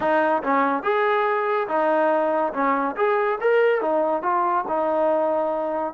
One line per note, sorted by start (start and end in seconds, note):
0.00 0.42 D#4
0.43 0.83 C#4
0.83 1.67 G#4
1.68 2.52 D#4
2.53 2.95 C#4
2.96 3.38 G#4
3.40 3.81 A#4
3.81 4.22 D#4
4.22 4.64 F4
4.68 5.93 D#4